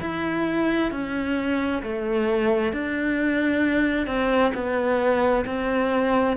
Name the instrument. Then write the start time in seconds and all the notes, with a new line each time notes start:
cello
0.00 E4
0.91 C#4
1.82 A3
2.72 D4
4.06 C4
4.54 B3
5.45 C4